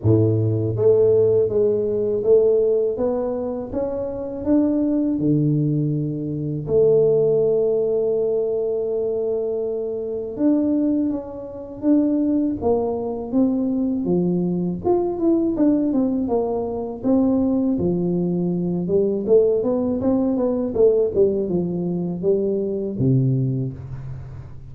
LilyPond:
\new Staff \with { instrumentName = "tuba" } { \time 4/4 \tempo 4 = 81 a,4 a4 gis4 a4 | b4 cis'4 d'4 d4~ | d4 a2.~ | a2 d'4 cis'4 |
d'4 ais4 c'4 f4 | f'8 e'8 d'8 c'8 ais4 c'4 | f4. g8 a8 b8 c'8 b8 | a8 g8 f4 g4 c4 | }